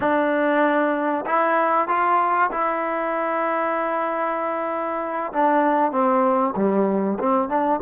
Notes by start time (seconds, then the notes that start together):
0.00 D4
1.26 E4
1.88 F4
2.51 E4
5.32 D4
5.91 C4
6.56 G3
7.19 C4
7.48 D4